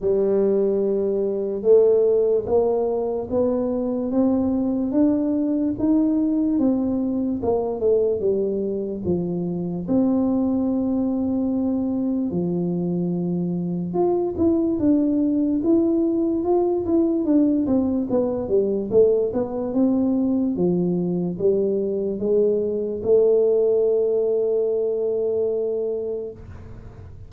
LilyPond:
\new Staff \with { instrumentName = "tuba" } { \time 4/4 \tempo 4 = 73 g2 a4 ais4 | b4 c'4 d'4 dis'4 | c'4 ais8 a8 g4 f4 | c'2. f4~ |
f4 f'8 e'8 d'4 e'4 | f'8 e'8 d'8 c'8 b8 g8 a8 b8 | c'4 f4 g4 gis4 | a1 | }